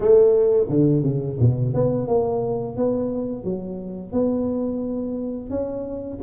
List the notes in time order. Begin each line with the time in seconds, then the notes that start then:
0.00 A3
0.69 D3
1.03 C#3
1.39 B2
1.73 B3
2.07 A#3
2.76 B3
3.44 F#3
4.12 B3
5.50 C#4